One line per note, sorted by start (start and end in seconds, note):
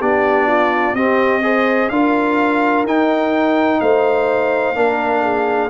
0.00 0.94 B3
0.00 0.96 D4
0.00 0.47 G4
0.00 0.96 D5
0.47 0.95 F4
0.94 1.89 C4
0.94 1.43 C4
0.94 1.43 G4
0.94 1.90 D#5
1.43 1.91 G#4
1.43 1.92 C5
1.90 2.84 D4
1.90 2.87 F4
1.90 3.81 A#4
1.90 2.85 F5
2.84 3.80 D#4
2.84 4.75 D#4
2.84 3.81 G5
3.81 4.75 A3
3.81 4.76 C5
3.81 5.70 F5
4.75 5.70 A#3
4.75 5.70 D4
4.75 5.24 A#4
5.24 5.70 G#4